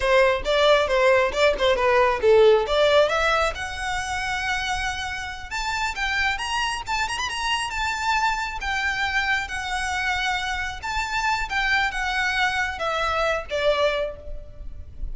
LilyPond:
\new Staff \with { instrumentName = "violin" } { \time 4/4 \tempo 4 = 136 c''4 d''4 c''4 d''8 c''8 | b'4 a'4 d''4 e''4 | fis''1~ | fis''8 a''4 g''4 ais''4 a''8 |
ais''16 b''16 ais''4 a''2 g''8~ | g''4. fis''2~ fis''8~ | fis''8 a''4. g''4 fis''4~ | fis''4 e''4. d''4. | }